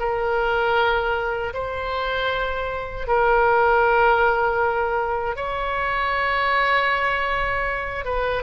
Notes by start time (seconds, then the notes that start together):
0.00 A#4
1.54 C5
3.08 A#4
5.36 C#5
8.06 B4